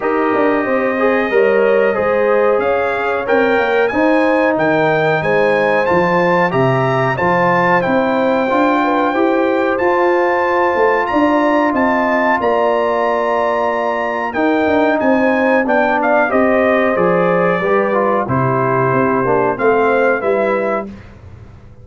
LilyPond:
<<
  \new Staff \with { instrumentName = "trumpet" } { \time 4/4 \tempo 4 = 92 dis''1 | f''4 g''4 gis''4 g''4 | gis''4 a''4 ais''4 a''4 | g''2. a''4~ |
a''4 ais''4 a''4 ais''4~ | ais''2 g''4 gis''4 | g''8 f''8 dis''4 d''2 | c''2 f''4 e''4 | }
  \new Staff \with { instrumentName = "horn" } { \time 4/4 ais'4 c''4 cis''4 c''4 | cis''2 c''4 ais'4 | c''2 e''4 c''4~ | c''4. b'8 c''2~ |
c''4 d''4 dis''4 d''4~ | d''2 ais'4 c''4 | d''4 c''2 b'4 | g'2 c''4 b'4 | }
  \new Staff \with { instrumentName = "trombone" } { \time 4/4 g'4. gis'8 ais'4 gis'4~ | gis'4 ais'4 dis'2~ | dis'4 f'4 g'4 f'4 | e'4 f'4 g'4 f'4~ |
f'1~ | f'2 dis'2 | d'4 g'4 gis'4 g'8 f'8 | e'4. d'8 c'4 e'4 | }
  \new Staff \with { instrumentName = "tuba" } { \time 4/4 dis'8 d'8 c'4 g4 gis4 | cis'4 c'8 ais8 dis'4 dis4 | gis4 f4 c4 f4 | c'4 d'4 e'4 f'4~ |
f'8 a8 d'4 c'4 ais4~ | ais2 dis'8 d'8 c'4 | b4 c'4 f4 g4 | c4 c'8 ais8 a4 g4 | }
>>